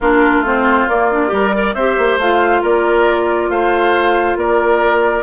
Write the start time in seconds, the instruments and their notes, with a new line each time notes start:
0.00 bassoon A#3, clarinet D4, oboe F4, flute A#4
0.40 bassoon A3, clarinet C4
0.46 flute C5
0.88 bassoon A#3, clarinet A#3, flute D5
1.11 clarinet D4
1.27 bassoon G3, clarinet G4, oboe A#4
1.53 clarinet A#4, oboe D5
1.74 bassoon C4, clarinet G4, oboe C5, flute E5
1.98 bassoon A#3
2.17 bassoon A3, clarinet F4, flute F5
2.62 bassoon A#3, oboe A#4, flute D5
3.49 bassoon A3, oboe C5, flute F5
4.36 bassoon A#3, oboe A#4, flute D5